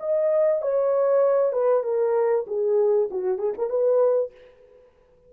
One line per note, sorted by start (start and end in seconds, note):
0.00 0.62 D#5
0.62 1.53 C#5
1.53 1.84 B4
1.84 2.46 A#4
2.47 3.09 G#4
3.11 3.38 F#4
3.38 3.54 G#4
3.58 3.70 A#4
3.70 4.32 B4